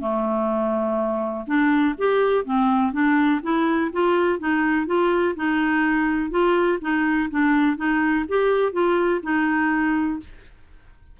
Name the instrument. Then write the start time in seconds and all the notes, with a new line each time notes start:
clarinet
0.00 A3
1.47 D4
1.98 G4
2.45 C4
2.92 D4
3.43 E4
3.92 F4
4.39 D#4
4.86 F4
5.36 D#4
6.31 F4
6.81 D#4
7.30 D4
7.77 D#4
8.29 G4
8.72 F4
9.23 D#4